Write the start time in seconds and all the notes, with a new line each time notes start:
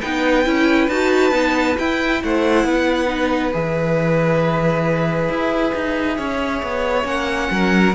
0.00 B3 D#4 B4 G5
0.44 C#4 E4
0.88 D#4 F#4 A5
1.31 B3 D#4
1.78 E4 G5
2.23 A3 C5 F#5
2.64 B3 B4
3.07 D#4
3.52 E3 G#4 E5
5.29 E4
5.74 D#4
6.17 C#4 C#5
6.62 B3
7.03 A#3 C#4 F#5
7.51 F#3 A#4